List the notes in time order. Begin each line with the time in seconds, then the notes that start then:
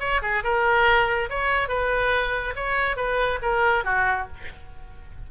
0.00 C#5
0.22 G#4
0.44 A#4
1.30 C#5
1.69 B4
2.56 C#5
2.97 B4
3.42 A#4
3.85 F#4